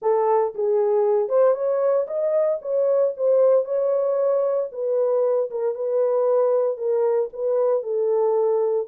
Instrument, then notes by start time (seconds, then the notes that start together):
horn
0.02 A4
0.55 G#4
1.28 C5
1.54 C#5
2.07 D#5
2.61 C#5
3.16 C5
3.65 C#5
4.71 B4
5.50 A#4
5.74 B4
6.77 A#4
7.32 B4
7.82 A4